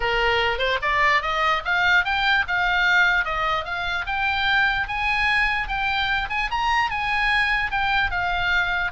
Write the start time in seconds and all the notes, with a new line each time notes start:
0.00 A#4
0.58 C5
0.81 D5
1.22 D#5
1.64 F5
2.04 G5
2.47 F5
3.24 D#5
3.64 F5
4.06 G5
4.87 G#5
5.68 G5
6.29 G#5
6.50 A#5
6.90 G#5
7.71 G5
8.10 F5